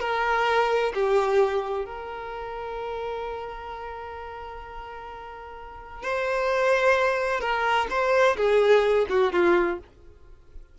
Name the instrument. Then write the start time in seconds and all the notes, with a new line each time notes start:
violin
0.00 A#4
0.94 G4
1.85 A#4
6.03 C5
7.41 A#4
7.90 C5
8.37 G#4
9.10 F#4
9.33 F4